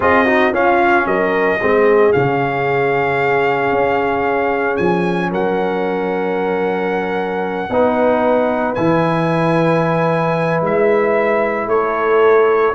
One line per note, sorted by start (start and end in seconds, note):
0.00 0.52 C4
0.00 0.25 F4
0.00 0.25 G#4
0.00 0.54 D#5
0.25 0.53 D#4
0.25 0.52 F#4
0.52 1.05 C#4
0.52 1.59 C#4
0.52 1.06 F4
0.52 1.06 F5
1.05 1.59 F#3
1.05 1.59 A#4
1.05 2.12 D#5
1.61 2.14 G#3
1.61 2.12 C4
1.61 5.30 G#4
2.12 3.72 C#3
2.12 7.70 C#4
2.12 4.77 F5
3.72 4.78 C#4
4.77 5.31 F3
4.77 5.30 G#5
5.30 7.69 F#3
5.30 7.69 A#4
5.30 8.74 F#5
7.69 8.75 B3
7.69 8.76 D#4
7.69 11.69 B4
8.74 10.61 E3
8.74 12.74 E4
8.74 10.60 G#5
10.61 11.66 G#3
10.61 11.68 E5
11.66 12.73 A3
11.66 12.74 A4
11.66 12.74 C#5